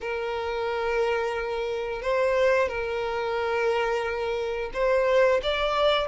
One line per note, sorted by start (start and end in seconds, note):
0.00 2.01 A#4
2.01 2.68 C5
2.68 4.70 A#4
4.73 5.41 C5
5.43 6.07 D5